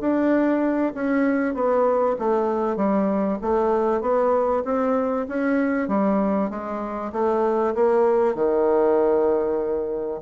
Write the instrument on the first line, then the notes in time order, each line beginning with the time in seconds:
bassoon
0.00 D4
0.94 C#4
1.54 B3
2.18 A3
2.76 G3
3.41 A3
4.01 B3
4.64 C4
5.28 C#4
5.88 G3
6.50 G#3
7.12 A3
7.75 A#3
8.35 D#3